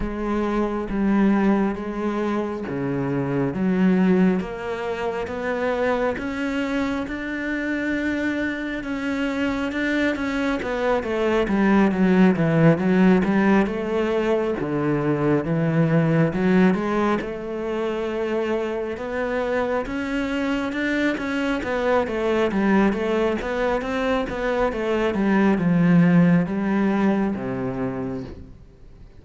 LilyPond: \new Staff \with { instrumentName = "cello" } { \time 4/4 \tempo 4 = 68 gis4 g4 gis4 cis4 | fis4 ais4 b4 cis'4 | d'2 cis'4 d'8 cis'8 | b8 a8 g8 fis8 e8 fis8 g8 a8~ |
a8 d4 e4 fis8 gis8 a8~ | a4. b4 cis'4 d'8 | cis'8 b8 a8 g8 a8 b8 c'8 b8 | a8 g8 f4 g4 c4 | }